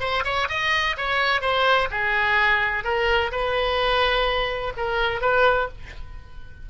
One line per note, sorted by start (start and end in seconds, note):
0.00 0.24 C5
0.24 0.48 C#5
0.49 0.96 D#5
0.97 1.41 C#5
1.41 1.88 C5
1.91 2.84 G#4
2.84 3.31 A#4
3.32 4.73 B4
4.77 5.21 A#4
5.21 5.68 B4